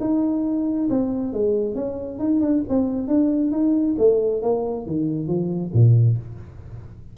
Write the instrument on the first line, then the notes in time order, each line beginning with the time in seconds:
tuba
0.00 D#4
0.90 C4
1.33 G#3
1.74 C#4
2.19 D#4
2.40 D4
2.69 C4
3.07 D4
3.51 D#4
3.98 A3
4.42 A#3
4.86 D#3
5.27 F3
5.73 A#2